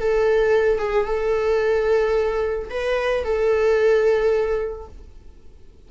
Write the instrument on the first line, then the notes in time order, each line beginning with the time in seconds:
viola
0.00 A4
0.79 G#4
1.06 A4
2.70 B4
3.24 A4